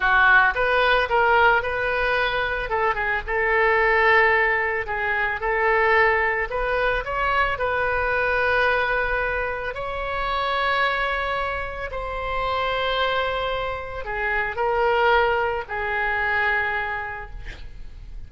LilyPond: \new Staff \with { instrumentName = "oboe" } { \time 4/4 \tempo 4 = 111 fis'4 b'4 ais'4 b'4~ | b'4 a'8 gis'8 a'2~ | a'4 gis'4 a'2 | b'4 cis''4 b'2~ |
b'2 cis''2~ | cis''2 c''2~ | c''2 gis'4 ais'4~ | ais'4 gis'2. | }